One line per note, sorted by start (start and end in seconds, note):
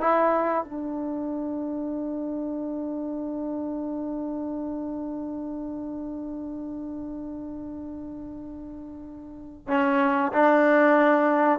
0.00 0.64 E4
0.64 9.67 D4
9.67 10.32 C#4
10.32 11.59 D4